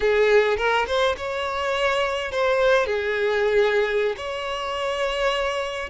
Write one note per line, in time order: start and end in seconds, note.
0.00 0.57 G#4
0.57 0.85 A#4
0.86 1.15 C5
1.17 2.31 C#5
2.31 2.86 C5
2.86 4.15 G#4
4.16 5.89 C#5